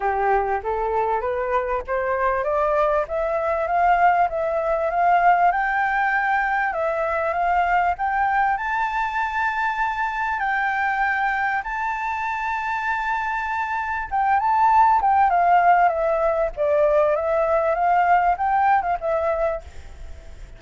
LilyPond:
\new Staff \with { instrumentName = "flute" } { \time 4/4 \tempo 4 = 98 g'4 a'4 b'4 c''4 | d''4 e''4 f''4 e''4 | f''4 g''2 e''4 | f''4 g''4 a''2~ |
a''4 g''2 a''4~ | a''2. g''8 a''8~ | a''8 g''8 f''4 e''4 d''4 | e''4 f''4 g''8. f''16 e''4 | }